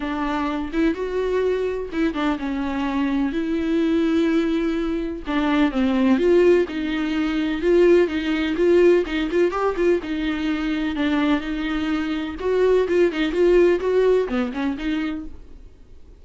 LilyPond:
\new Staff \with { instrumentName = "viola" } { \time 4/4 \tempo 4 = 126 d'4. e'8 fis'2 | e'8 d'8 cis'2 e'4~ | e'2. d'4 | c'4 f'4 dis'2 |
f'4 dis'4 f'4 dis'8 f'8 | g'8 f'8 dis'2 d'4 | dis'2 fis'4 f'8 dis'8 | f'4 fis'4 b8 cis'8 dis'4 | }